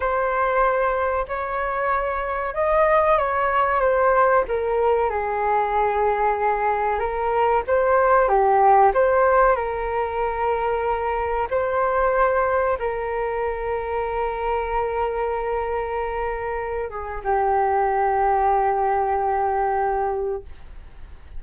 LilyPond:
\new Staff \with { instrumentName = "flute" } { \time 4/4 \tempo 4 = 94 c''2 cis''2 | dis''4 cis''4 c''4 ais'4 | gis'2. ais'4 | c''4 g'4 c''4 ais'4~ |
ais'2 c''2 | ais'1~ | ais'2~ ais'8 gis'8 g'4~ | g'1 | }